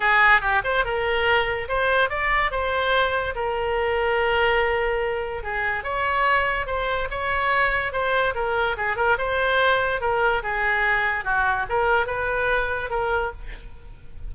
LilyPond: \new Staff \with { instrumentName = "oboe" } { \time 4/4 \tempo 4 = 144 gis'4 g'8 c''8 ais'2 | c''4 d''4 c''2 | ais'1~ | ais'4 gis'4 cis''2 |
c''4 cis''2 c''4 | ais'4 gis'8 ais'8 c''2 | ais'4 gis'2 fis'4 | ais'4 b'2 ais'4 | }